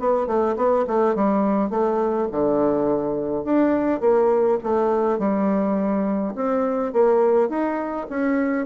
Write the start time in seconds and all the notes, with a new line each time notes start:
0.00 B3
0.27 A3
0.57 B3
0.87 A3
1.15 G3
1.70 A3
2.32 D3
3.45 D4
4.01 A#3
4.63 A3
5.19 G3
6.35 C4
6.93 A#3
7.49 D#4
8.10 C#4